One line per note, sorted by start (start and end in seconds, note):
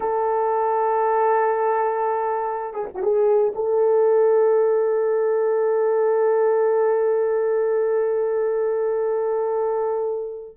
0.00 2.73 A4
2.73 2.86 G#4
2.94 3.03 F#4
3.03 3.53 G#4
3.55 10.57 A4